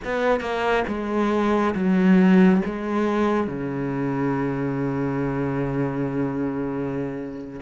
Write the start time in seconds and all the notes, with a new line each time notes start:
0.04 B3
0.40 A#3
0.87 G#3
1.74 F#3
2.65 G#3
3.47 C#3